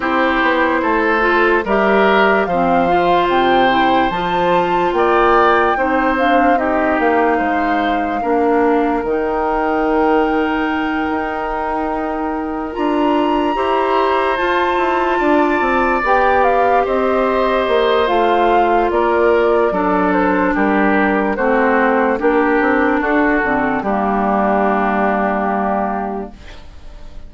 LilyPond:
<<
  \new Staff \with { instrumentName = "flute" } { \time 4/4 \tempo 4 = 73 c''2 e''4 f''4 | g''4 a''4 g''4. f''8 | dis''8 f''2~ f''8 g''4~ | g''2.~ g''8 ais''8~ |
ais''4. a''2 g''8 | f''8 dis''4. f''4 d''4~ | d''8 c''8 ais'4 c''4 ais'4 | a'4 g'2. | }
  \new Staff \with { instrumentName = "oboe" } { \time 4/4 g'4 a'4 ais'4 c''4~ | c''2 d''4 c''4 | g'4 c''4 ais'2~ | ais'1~ |
ais'8 c''2 d''4.~ | d''8 c''2~ c''8 ais'4 | a'4 g'4 fis'4 g'4 | fis'4 d'2. | }
  \new Staff \with { instrumentName = "clarinet" } { \time 4/4 e'4. f'8 g'4 c'8 f'8~ | f'8 e'8 f'2 dis'8 d'8 | dis'2 d'4 dis'4~ | dis'2.~ dis'8 f'8~ |
f'8 g'4 f'2 g'8~ | g'2 f'2 | d'2 c'4 d'4~ | d'8 c'8 ais2. | }
  \new Staff \with { instrumentName = "bassoon" } { \time 4/4 c'8 b8 a4 g4 f4 | c4 f4 ais4 c'4~ | c'8 ais8 gis4 ais4 dis4~ | dis4. dis'2 d'8~ |
d'8 e'4 f'8 e'8 d'8 c'8 b8~ | b8 c'4 ais8 a4 ais4 | fis4 g4 a4 ais8 c'8 | d'8 d8 g2. | }
>>